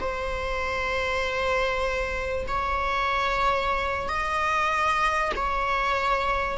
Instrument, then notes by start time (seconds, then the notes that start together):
viola
0.00 C5
2.47 C#5
4.09 D#5
5.36 C#5